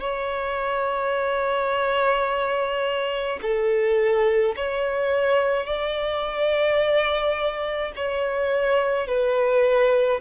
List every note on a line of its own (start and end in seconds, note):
0.00 3.40 C#5
3.42 4.55 A4
4.56 5.66 C#5
5.66 7.92 D5
7.96 9.07 C#5
9.07 10.20 B4